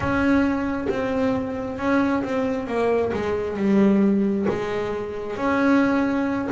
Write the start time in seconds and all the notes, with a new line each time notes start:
0.00 C#4
0.89 C4
1.78 C#4
2.23 C4
2.67 A#3
3.13 G#3
3.57 G3
4.48 G#3
5.36 C#4